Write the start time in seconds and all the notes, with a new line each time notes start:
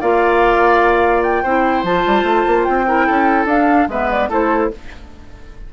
0.00 A#3 F4 D5 F5
1.22 G5
1.43 C4 E4 C5
1.83 F3 F4 A5
2.06 G3
2.23 A3
2.47 A#3
2.64 C4 G5
2.86 E4 A#4
3.06 C#4 A4
3.44 D4 F5
3.88 G#3 B3 B4 E5
4.10 D5
4.29 A3 E4 A4 C5